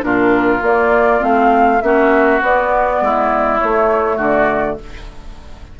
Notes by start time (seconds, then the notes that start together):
0.00 A#2 D4 F4 A#4
0.61 A#3 D5
1.19 A3 C4 F5
1.81 A#3 C#4 F#4 E5
2.41 B3 D5
3.00 G#3 E4
3.58 A3 C#5
4.17 D3 F#4 D5